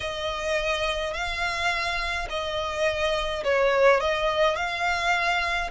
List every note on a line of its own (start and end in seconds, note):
0.00 1.13 D#5
1.13 2.28 F5
2.29 3.43 D#5
3.44 4.00 C#5
4.00 4.56 D#5
4.56 5.70 F5